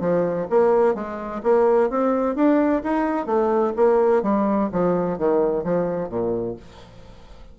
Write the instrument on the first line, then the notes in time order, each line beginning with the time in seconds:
bassoon
0.00 F3
0.49 A#3
0.94 G#3
1.43 A#3
1.90 C4
2.35 D4
2.83 D#4
3.26 A3
3.76 A#3
4.22 G3
4.72 F3
5.18 D#3
5.63 F3
6.09 A#2